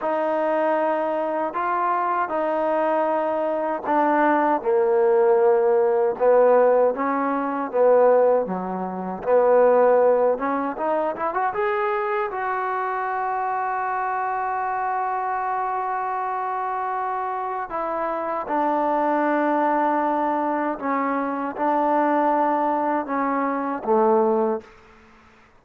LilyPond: \new Staff \with { instrumentName = "trombone" } { \time 4/4 \tempo 4 = 78 dis'2 f'4 dis'4~ | dis'4 d'4 ais2 | b4 cis'4 b4 fis4 | b4. cis'8 dis'8 e'16 fis'16 gis'4 |
fis'1~ | fis'2. e'4 | d'2. cis'4 | d'2 cis'4 a4 | }